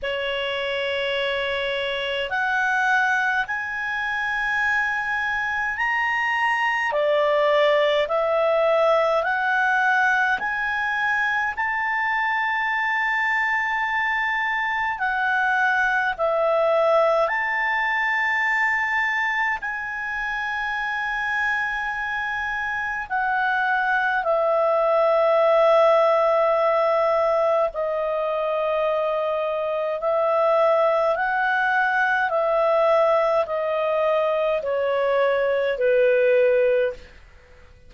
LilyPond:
\new Staff \with { instrumentName = "clarinet" } { \time 4/4 \tempo 4 = 52 cis''2 fis''4 gis''4~ | gis''4 ais''4 d''4 e''4 | fis''4 gis''4 a''2~ | a''4 fis''4 e''4 a''4~ |
a''4 gis''2. | fis''4 e''2. | dis''2 e''4 fis''4 | e''4 dis''4 cis''4 b'4 | }